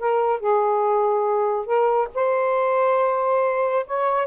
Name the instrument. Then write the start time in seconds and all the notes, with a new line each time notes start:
saxophone
0.00 A#4
0.41 G#4
1.66 A#4
2.15 C5
3.87 C#5